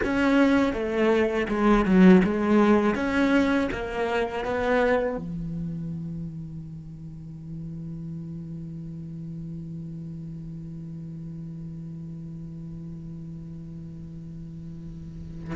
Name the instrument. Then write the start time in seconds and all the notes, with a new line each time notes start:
cello
0.04 C#4
0.73 A3
1.48 G#3
1.85 F#3
2.24 G#3
2.95 C#4
3.71 A#3
4.44 B3
5.17 E3